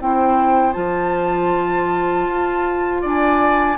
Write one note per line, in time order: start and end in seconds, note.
0.00 0.76 C4
0.00 0.73 E4
0.00 3.01 C5
0.00 0.73 G5
0.73 2.27 F3
0.73 3.77 F4
0.73 3.01 A5
2.27 3.03 F4
3.01 3.78 D4
3.01 3.77 D5
3.01 3.78 G#5